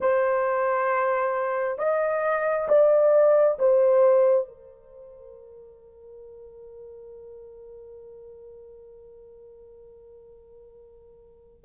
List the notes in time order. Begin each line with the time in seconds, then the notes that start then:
0.00 C5
1.78 D#5
2.68 D5
3.58 C5
4.48 A#4